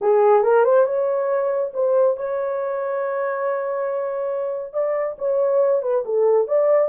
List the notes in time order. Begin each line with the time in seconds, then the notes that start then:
0.01 G#4
0.43 A#4
0.64 C5
0.85 C#5
1.73 C5
2.16 C#5
4.73 D5
5.18 C#5
5.82 B4
6.05 A4
6.47 D5